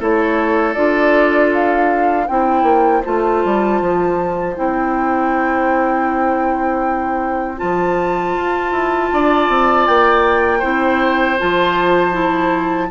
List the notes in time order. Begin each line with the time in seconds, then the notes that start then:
0.00 A3 E4 A4 C#5
0.74 D4 F4 D5
1.54 F5
2.27 C4 E4 C5 G5
2.63 A#3
3.05 A3 F4 A5
3.45 G3
3.81 F3
4.56 C4 E4 G5
7.58 F3 F4 A5
8.37 F4
8.72 E4
9.13 D4 D5
9.49 C4
9.87 A#3 G5
10.59 C4 E4 C5
11.39 F3 F4 A5
12.12 E4